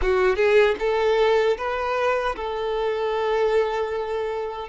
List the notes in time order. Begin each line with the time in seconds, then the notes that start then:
0.01 F#4
0.36 G#4
0.79 A4
1.57 B4
2.36 A4